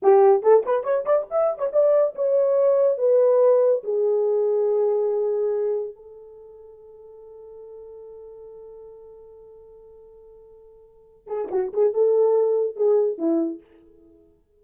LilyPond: \new Staff \with { instrumentName = "horn" } { \time 4/4 \tempo 4 = 141 g'4 a'8 b'8 cis''8 d''8 e''8. cis''16 | d''4 cis''2 b'4~ | b'4 gis'2.~ | gis'2 a'2~ |
a'1~ | a'1~ | a'2~ a'8 gis'8 fis'8 gis'8 | a'2 gis'4 e'4 | }